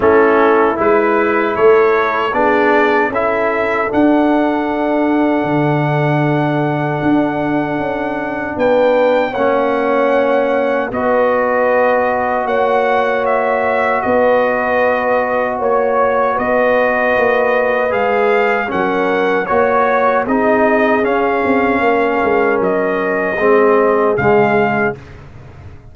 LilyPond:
<<
  \new Staff \with { instrumentName = "trumpet" } { \time 4/4 \tempo 4 = 77 a'4 b'4 cis''4 d''4 | e''4 fis''2.~ | fis''2. g''4 | fis''2 dis''2 |
fis''4 e''4 dis''2 | cis''4 dis''2 f''4 | fis''4 cis''4 dis''4 f''4~ | f''4 dis''2 f''4 | }
  \new Staff \with { instrumentName = "horn" } { \time 4/4 e'2 a'4 gis'4 | a'1~ | a'2. b'4 | cis''2 b'2 |
cis''2 b'2 | cis''4 b'2. | ais'4 cis''4 gis'2 | ais'2 gis'2 | }
  \new Staff \with { instrumentName = "trombone" } { \time 4/4 cis'4 e'2 d'4 | e'4 d'2.~ | d'1 | cis'2 fis'2~ |
fis'1~ | fis'2. gis'4 | cis'4 fis'4 dis'4 cis'4~ | cis'2 c'4 gis4 | }
  \new Staff \with { instrumentName = "tuba" } { \time 4/4 a4 gis4 a4 b4 | cis'4 d'2 d4~ | d4 d'4 cis'4 b4 | ais2 b2 |
ais2 b2 | ais4 b4 ais4 gis4 | fis4 ais4 c'4 cis'8 c'8 | ais8 gis8 fis4 gis4 cis4 | }
>>